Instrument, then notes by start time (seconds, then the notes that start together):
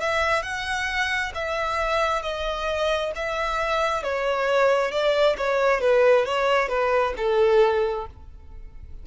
violin
0.00 E5
0.42 F#5
1.34 E5
2.22 D#5
3.15 E5
4.03 C#5
4.91 D5
5.37 C#5
5.80 B4
6.25 C#5
6.68 B4
7.17 A4